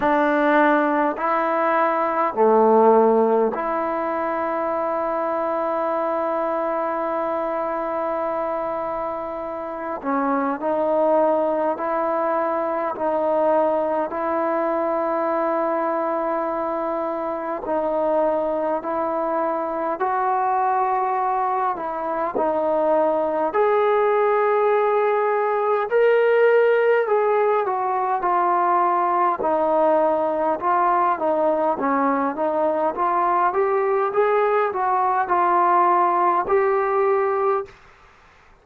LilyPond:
\new Staff \with { instrumentName = "trombone" } { \time 4/4 \tempo 4 = 51 d'4 e'4 a4 e'4~ | e'1~ | e'8 cis'8 dis'4 e'4 dis'4 | e'2. dis'4 |
e'4 fis'4. e'8 dis'4 | gis'2 ais'4 gis'8 fis'8 | f'4 dis'4 f'8 dis'8 cis'8 dis'8 | f'8 g'8 gis'8 fis'8 f'4 g'4 | }